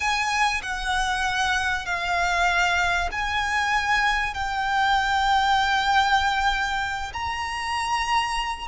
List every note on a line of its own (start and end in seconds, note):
0.00 0.61 G#5
0.62 1.85 F#5
1.85 3.09 F5
3.11 4.34 G#5
4.34 7.12 G5
7.13 8.67 A#5